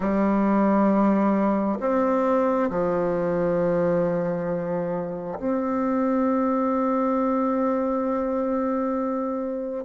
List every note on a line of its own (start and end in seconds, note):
0.00 1.79 G3
1.80 2.69 C4
2.70 5.39 F3
5.39 9.84 C4